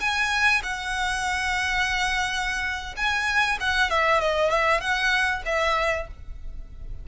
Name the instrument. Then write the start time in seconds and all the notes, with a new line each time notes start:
violin
0.00 G#5
0.63 F#5
2.96 G#5
3.60 F#5
3.90 E5
4.20 D#5
4.50 E5
4.80 F#5
5.45 E5